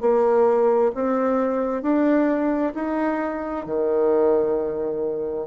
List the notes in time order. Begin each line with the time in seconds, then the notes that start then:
0.00 A#3
0.94 C4
1.82 D4
2.74 D#4
3.66 D#3